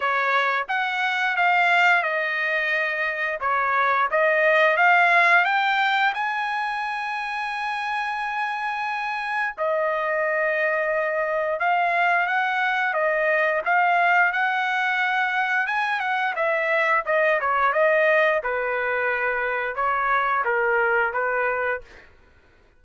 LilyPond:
\new Staff \with { instrumentName = "trumpet" } { \time 4/4 \tempo 4 = 88 cis''4 fis''4 f''4 dis''4~ | dis''4 cis''4 dis''4 f''4 | g''4 gis''2.~ | gis''2 dis''2~ |
dis''4 f''4 fis''4 dis''4 | f''4 fis''2 gis''8 fis''8 | e''4 dis''8 cis''8 dis''4 b'4~ | b'4 cis''4 ais'4 b'4 | }